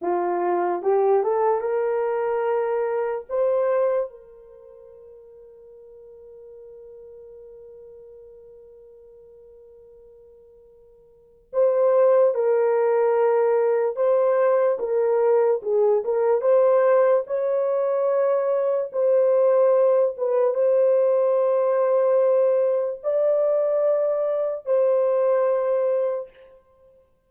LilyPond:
\new Staff \with { instrumentName = "horn" } { \time 4/4 \tempo 4 = 73 f'4 g'8 a'8 ais'2 | c''4 ais'2.~ | ais'1~ | ais'2 c''4 ais'4~ |
ais'4 c''4 ais'4 gis'8 ais'8 | c''4 cis''2 c''4~ | c''8 b'8 c''2. | d''2 c''2 | }